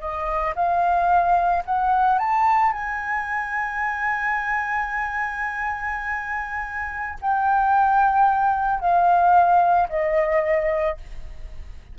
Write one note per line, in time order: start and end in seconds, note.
0.00 0.54 D#5
0.55 1.63 F5
1.65 2.19 F#5
2.19 2.72 A5
2.72 7.18 G#5
7.21 8.80 G5
8.80 9.88 F5
9.89 10.97 D#5